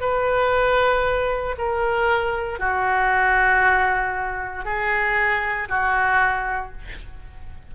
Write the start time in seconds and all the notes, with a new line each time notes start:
0.00 B4
1.58 A#4
2.59 F#4
4.65 G#4
5.68 F#4